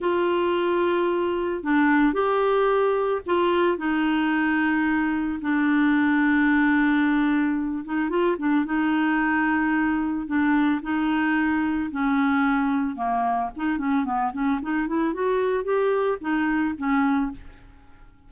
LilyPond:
\new Staff \with { instrumentName = "clarinet" } { \time 4/4 \tempo 4 = 111 f'2. d'4 | g'2 f'4 dis'4~ | dis'2 d'2~ | d'2~ d'8 dis'8 f'8 d'8 |
dis'2. d'4 | dis'2 cis'2 | ais4 dis'8 cis'8 b8 cis'8 dis'8 e'8 | fis'4 g'4 dis'4 cis'4 | }